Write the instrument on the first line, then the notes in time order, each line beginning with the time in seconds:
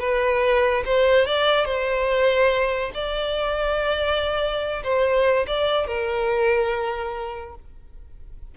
violin
0.00 B4
0.86 C5
1.27 D5
1.66 C5
2.95 D5
4.84 C5
5.48 D5
5.88 A#4